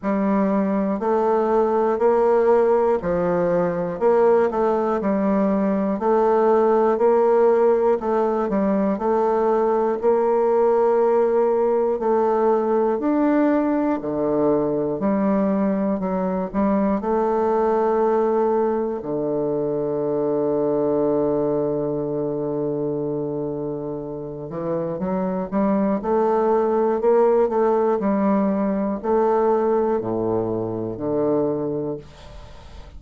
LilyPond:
\new Staff \with { instrumentName = "bassoon" } { \time 4/4 \tempo 4 = 60 g4 a4 ais4 f4 | ais8 a8 g4 a4 ais4 | a8 g8 a4 ais2 | a4 d'4 d4 g4 |
fis8 g8 a2 d4~ | d1~ | d8 e8 fis8 g8 a4 ais8 a8 | g4 a4 a,4 d4 | }